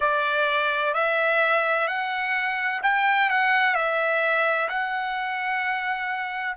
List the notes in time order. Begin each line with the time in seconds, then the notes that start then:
0.00 D5
0.94 E5
1.87 F#5
2.83 G5
3.29 F#5
3.75 E5
4.68 F#5